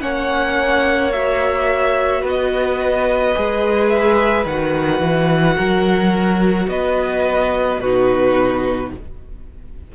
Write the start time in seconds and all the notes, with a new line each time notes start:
0.00 A#3 C#4 C#5 F#5
1.12 F#4 E5
2.22 B3 B4
2.28 D#5
3.35 G#3 G#4
3.89 E5
4.45 D#3 F#4 F#5
5.00 E3
5.56 F#3 A#4
6.68 B3 B4 D#5
7.80 B2 D#4 F#4 B4